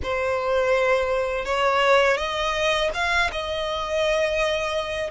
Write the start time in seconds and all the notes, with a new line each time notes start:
0.02 C5
1.45 C#5
2.17 D#5
2.94 F5
3.32 D#5